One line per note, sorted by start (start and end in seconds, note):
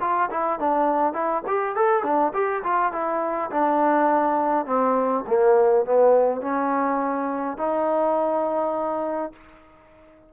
0.00 0.29 F4
0.30 0.59 E4
0.59 1.13 D4
1.13 1.42 E4
1.47 1.75 G4
1.75 2.03 A4
2.03 2.32 D4
2.33 2.62 G4
2.63 2.92 F4
2.92 3.50 E4
3.50 4.65 D4
4.65 5.24 C4
5.27 5.85 A#3
5.85 6.41 B3
6.41 7.57 C#4
7.57 9.32 D#4